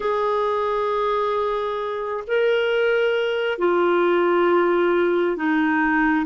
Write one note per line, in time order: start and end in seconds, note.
0.00 2.24 G#4
2.27 3.58 A#4
3.58 5.36 F4
5.36 6.25 D#4